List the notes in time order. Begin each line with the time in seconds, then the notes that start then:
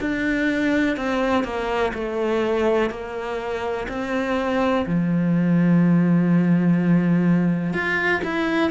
0.00 D4
0.96 C4
1.44 A#3
1.94 A3
2.90 A#3
3.88 C4
4.86 F3
7.73 F4
8.24 E4